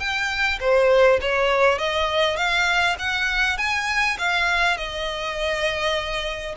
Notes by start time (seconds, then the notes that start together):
0.00 G5
0.60 C5
1.22 C#5
1.79 D#5
2.37 F5
2.99 F#5
3.58 G#5
4.19 F5
4.77 D#5